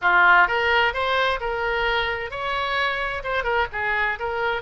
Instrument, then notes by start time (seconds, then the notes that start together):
oboe
0.01 F4
0.47 A#4
0.93 C5
1.40 A#4
2.30 C#5
3.23 C5
3.43 A#4
3.72 G#4
4.19 A#4